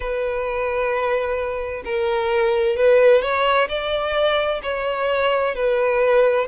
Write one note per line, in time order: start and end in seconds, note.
0.00 1.83 B4
1.84 2.76 A#4
2.76 3.21 B4
3.21 3.68 C#5
3.68 4.61 D5
4.62 5.55 C#5
5.55 6.47 B4